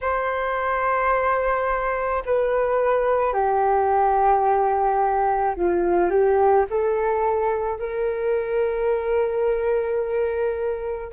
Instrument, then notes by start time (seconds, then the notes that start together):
flute
0.01 C5
2.25 B4
3.33 G4
5.56 F4
6.10 G4
6.69 A4
7.79 A#4